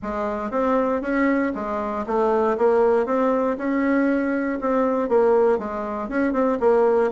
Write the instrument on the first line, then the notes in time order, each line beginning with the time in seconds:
bassoon
0.02 G#3
0.50 C4
1.01 C#4
1.54 G#3
2.06 A3
2.57 A#3
3.06 C4
3.57 C#4
4.60 C4
5.08 A#3
5.58 G#3
6.08 C#4
6.33 C4
6.60 A#3